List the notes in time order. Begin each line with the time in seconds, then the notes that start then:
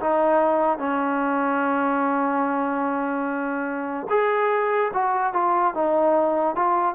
0.00 D#4
0.78 C#4
4.09 G#4
4.94 F#4
5.33 F4
5.74 D#4
6.56 F4